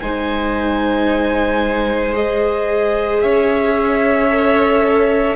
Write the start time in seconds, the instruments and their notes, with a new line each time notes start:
0.00 cello G#3, viola D#4, violin C5 G#5
2.14 viola G#4, violin D#5
3.22 cello C#4, violin C#5 E5
4.30 viola A4